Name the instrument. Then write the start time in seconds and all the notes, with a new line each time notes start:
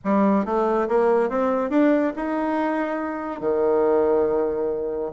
bassoon
0.04 G3
0.45 A3
0.88 A#3
1.29 C4
1.69 D4
2.15 D#4
3.40 D#3